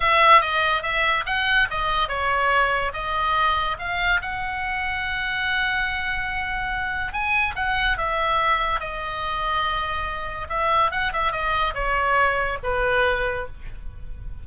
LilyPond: \new Staff \with { instrumentName = "oboe" } { \time 4/4 \tempo 4 = 143 e''4 dis''4 e''4 fis''4 | dis''4 cis''2 dis''4~ | dis''4 f''4 fis''2~ | fis''1~ |
fis''4 gis''4 fis''4 e''4~ | e''4 dis''2.~ | dis''4 e''4 fis''8 e''8 dis''4 | cis''2 b'2 | }